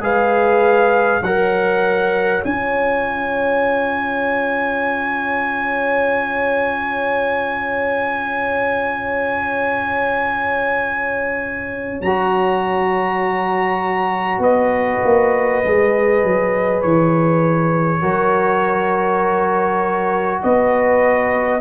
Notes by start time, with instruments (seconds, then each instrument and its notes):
0.00 tuba G#3, trombone G#4, horn B4, trumpet F5
1.22 tuba F#3, trombone A#4, horn C#5, trumpet F#5
2.43 tuba C#4, trombone F4, trumpet G#5
12.01 tuba F#3, trombone F#4, trumpet A#5
14.39 tuba B3, horn B4, trumpet D#5
15.04 tuba A#3
15.64 tuba G#3, trombone G#4
16.24 tuba F#3
16.82 tuba E3, trumpet C#5
18.01 tuba F#3, trombone F#4, horn A#4
20.43 tuba B3, horn B4, trumpet D#5